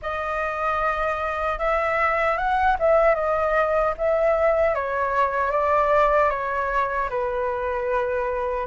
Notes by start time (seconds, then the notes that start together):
0.01 D#5
1.58 E5
2.37 F#5
2.79 E5
3.14 D#5
3.97 E5
4.74 C#5
5.51 D5
6.30 C#5
7.09 B4